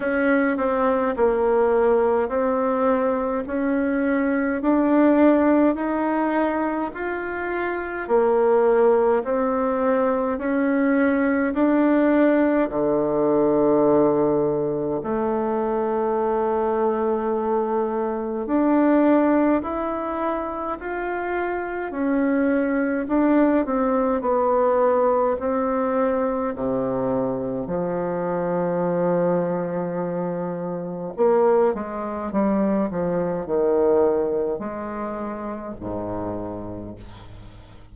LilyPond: \new Staff \with { instrumentName = "bassoon" } { \time 4/4 \tempo 4 = 52 cis'8 c'8 ais4 c'4 cis'4 | d'4 dis'4 f'4 ais4 | c'4 cis'4 d'4 d4~ | d4 a2. |
d'4 e'4 f'4 cis'4 | d'8 c'8 b4 c'4 c4 | f2. ais8 gis8 | g8 f8 dis4 gis4 gis,4 | }